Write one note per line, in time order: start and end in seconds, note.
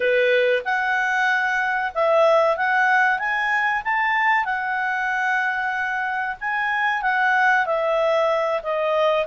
0.00 0.62 B4
0.64 1.92 F#5
1.94 2.56 E5
2.56 3.18 F#5
3.18 3.82 G#5
3.84 4.44 A5
4.44 6.36 F#5
6.40 7.02 G#5
7.02 7.65 F#5
7.65 8.61 E5
8.62 9.26 D#5